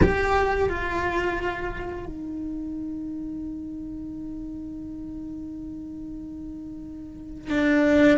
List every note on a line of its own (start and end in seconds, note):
0.02 0.69 G4
0.69 2.05 F4
2.05 7.50 D#4
7.50 8.18 D4